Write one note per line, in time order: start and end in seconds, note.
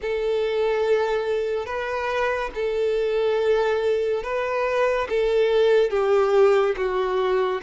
0.01 1.66 A4
1.66 2.50 B4
2.54 4.23 A4
4.23 5.07 B4
5.09 5.90 A4
5.90 6.75 G4
6.76 7.61 F#4